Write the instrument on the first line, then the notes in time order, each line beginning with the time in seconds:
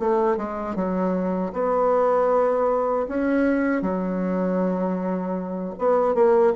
bassoon
0.00 A3
0.37 G#3
0.76 F#3
1.53 B3
3.08 C#4
3.82 F#3
5.79 B3
6.15 A#3